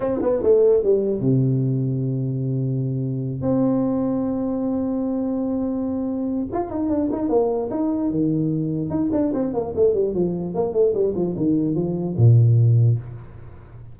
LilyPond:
\new Staff \with { instrumentName = "tuba" } { \time 4/4 \tempo 4 = 148 c'8 b8 a4 g4 c4~ | c1~ | c8 c'2.~ c'8~ | c'1 |
f'8 dis'8 d'8 dis'8 ais4 dis'4 | dis2 dis'8 d'8 c'8 ais8 | a8 g8 f4 ais8 a8 g8 f8 | dis4 f4 ais,2 | }